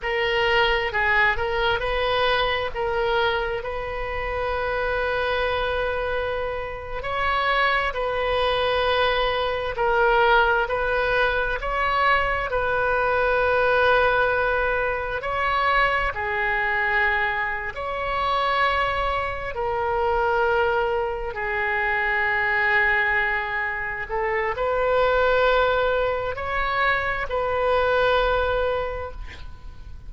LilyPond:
\new Staff \with { instrumentName = "oboe" } { \time 4/4 \tempo 4 = 66 ais'4 gis'8 ais'8 b'4 ais'4 | b'2.~ b'8. cis''16~ | cis''8. b'2 ais'4 b'16~ | b'8. cis''4 b'2~ b'16~ |
b'8. cis''4 gis'4.~ gis'16 cis''8~ | cis''4. ais'2 gis'8~ | gis'2~ gis'8 a'8 b'4~ | b'4 cis''4 b'2 | }